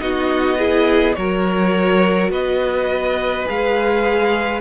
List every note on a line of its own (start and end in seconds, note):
0.00 1.16 B3
0.00 0.58 D#4
0.00 0.58 F#4
0.00 1.14 D#5
0.58 1.17 E4
0.58 1.15 G#4
1.14 2.30 F#3
1.14 3.45 F#4
1.14 2.31 A#4
1.14 2.30 C#5
2.30 3.45 B3
2.30 4.61 B4
2.30 3.48 D#5
3.45 4.61 G#3
3.45 4.60 G#4
3.45 4.61 F5